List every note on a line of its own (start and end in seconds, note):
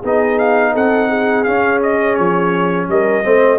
0.00 0.75 B3
0.00 1.46 D#4
0.00 0.71 G#4
0.00 0.39 D#5
0.39 0.74 F5
0.74 1.47 C4
0.74 1.09 A4
0.74 1.44 F#5
1.09 2.88 G#4
1.44 3.24 C#4
1.44 2.18 C#4
1.44 1.80 F5
1.83 2.15 D#5
2.15 2.88 F3
2.15 2.87 C#5
2.88 3.24 G3
2.88 3.24 A#4
2.88 3.60 D#5
3.24 3.60 A3
3.24 3.59 C4
3.24 3.60 C5